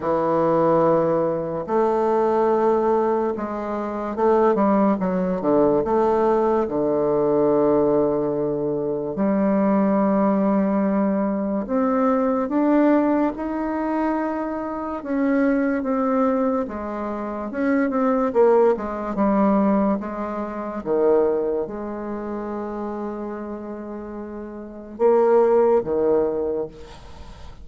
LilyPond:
\new Staff \with { instrumentName = "bassoon" } { \time 4/4 \tempo 4 = 72 e2 a2 | gis4 a8 g8 fis8 d8 a4 | d2. g4~ | g2 c'4 d'4 |
dis'2 cis'4 c'4 | gis4 cis'8 c'8 ais8 gis8 g4 | gis4 dis4 gis2~ | gis2 ais4 dis4 | }